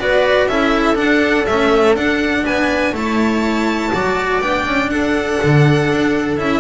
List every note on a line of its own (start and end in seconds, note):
0.00 0.48 B3
0.00 0.49 F#4
0.00 0.50 B4
0.00 0.48 D5
0.48 0.97 C#4
0.48 0.95 E4
0.48 2.46 A4
0.48 0.97 E5
0.95 1.45 D4
0.95 1.47 D4
0.95 1.46 F#5
1.46 1.97 A3
1.46 1.95 C#4
1.46 1.95 E5
1.95 2.44 D4
1.95 2.94 D4
1.95 2.46 F#5
2.46 2.93 B3
2.46 2.95 B4
2.46 2.95 G#5
2.93 3.91 A3
2.93 3.92 E4
2.93 3.94 C#5
2.93 4.41 A5
3.94 4.41 F#3
3.94 4.42 F#4
3.94 4.91 D5
4.41 4.65 B3
4.41 6.37 D4
4.41 4.90 G5
4.66 4.89 C#4
4.89 5.39 D4
4.89 6.60 A4
4.89 6.37 F#5
5.43 5.91 D3
5.91 6.40 D4
6.37 6.60 C#4
6.37 6.60 E4
6.37 6.60 E5